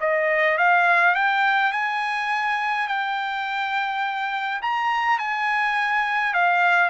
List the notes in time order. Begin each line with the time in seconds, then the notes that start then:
0.00 D#5
0.57 F5
1.15 G5
1.72 G#5
2.88 G5
4.62 A#5
5.18 G#5
6.34 F5